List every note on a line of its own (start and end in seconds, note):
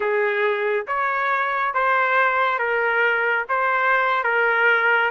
0.00 0.86 G#4
0.87 1.74 C#5
1.74 2.58 C5
2.58 3.45 A#4
3.48 4.23 C5
4.23 5.10 A#4